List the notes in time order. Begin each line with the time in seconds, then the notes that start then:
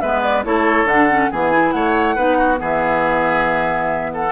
0.00 G#3 B3 B4 E5
0.22 D5
0.44 A3 E4 A4 C#5
0.84 D3 D4 F#5
1.10 C#4
1.30 E3 B3 G#4 G#5
1.52 E4
1.71 A3 C#5 F#5
2.15 B3 D#4 B4
2.37 F#4
2.56 E3 B3 G#4
2.62 E5
4.13 A4 F#5